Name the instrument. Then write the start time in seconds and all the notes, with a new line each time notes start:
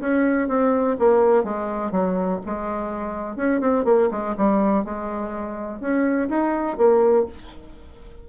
bassoon
0.00 C#4
0.48 C4
0.99 A#3
1.44 G#3
1.91 F#3
2.46 G#3
3.36 C#4
3.60 C4
3.84 A#3
4.11 G#3
4.37 G3
4.84 G#3
5.80 C#4
6.29 D#4
6.77 A#3